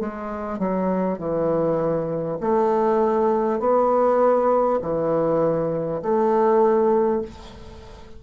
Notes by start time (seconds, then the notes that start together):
0.00 G#3
0.59 F#3
1.18 E3
2.41 A3
3.59 B3
4.82 E3
6.02 A3